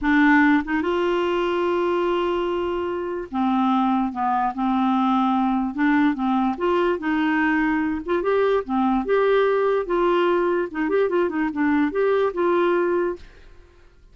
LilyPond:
\new Staff \with { instrumentName = "clarinet" } { \time 4/4 \tempo 4 = 146 d'4. dis'8 f'2~ | f'1 | c'2 b4 c'4~ | c'2 d'4 c'4 |
f'4 dis'2~ dis'8 f'8 | g'4 c'4 g'2 | f'2 dis'8 g'8 f'8 dis'8 | d'4 g'4 f'2 | }